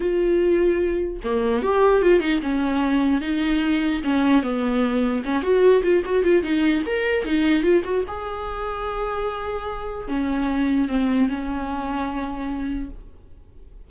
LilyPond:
\new Staff \with { instrumentName = "viola" } { \time 4/4 \tempo 4 = 149 f'2. ais4 | g'4 f'8 dis'8 cis'2 | dis'2 cis'4 b4~ | b4 cis'8 fis'4 f'8 fis'8 f'8 |
dis'4 ais'4 dis'4 f'8 fis'8 | gis'1~ | gis'4 cis'2 c'4 | cis'1 | }